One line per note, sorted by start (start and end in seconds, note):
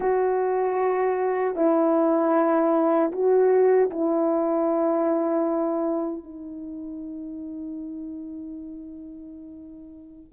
0.00 1.55 F#4
1.55 3.11 E4
3.12 3.90 F#4
3.90 6.23 E4
6.23 10.32 D#4